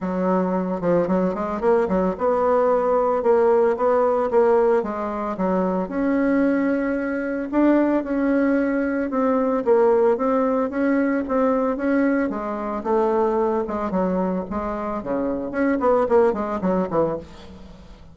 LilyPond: \new Staff \with { instrumentName = "bassoon" } { \time 4/4 \tempo 4 = 112 fis4. f8 fis8 gis8 ais8 fis8 | b2 ais4 b4 | ais4 gis4 fis4 cis'4~ | cis'2 d'4 cis'4~ |
cis'4 c'4 ais4 c'4 | cis'4 c'4 cis'4 gis4 | a4. gis8 fis4 gis4 | cis4 cis'8 b8 ais8 gis8 fis8 e8 | }